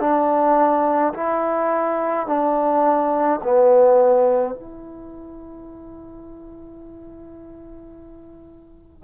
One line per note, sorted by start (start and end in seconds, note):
0.00 1.13 D4
1.14 2.27 E4
2.27 3.40 D4
3.43 4.54 B3
4.54 9.04 E4